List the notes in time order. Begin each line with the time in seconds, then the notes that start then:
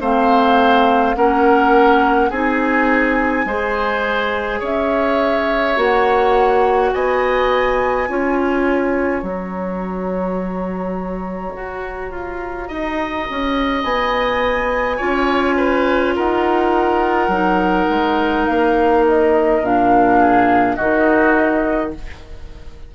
0.00 A3 C4 C5 F5
1.16 A#3 C#4 A#4 F#5
2.30 C4 D#4 G#4 G#5
3.45 G#3 G#4 C5
4.59 C#4 C#5 E5
5.76 A#3 F#4 F#5
6.92 B3 D#5 G#5
8.08 C#4 F4 C#5
9.22 F#3 F#4 A#5
11.56 F#4
12.11 F4
12.68 D#4 D#5
13.30 C#4
13.83 B3 G#5
14.97 C#4 F4 C#5
15.56 B4
16.16 D#4 A#4 F#5
17.28 F#3 D#4
17.90 G#3
18.46 A#3 F5
19.08 D#5
19.62 A#2 D4 F5
20.19 G#4
20.75 D#3 D#4 F#4 D#5